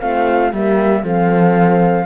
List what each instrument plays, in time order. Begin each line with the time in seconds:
0.00 cello A3, horn C4 F4, flute F5
0.53 cello G3, horn A#3 G4, flute E5
1.03 cello F3, horn C4 A4, flute F5